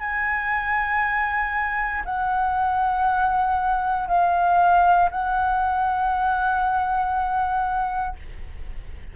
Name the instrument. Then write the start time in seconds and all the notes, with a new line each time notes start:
flute
0.00 G#5
2.06 F#5
4.08 F5
5.11 F#5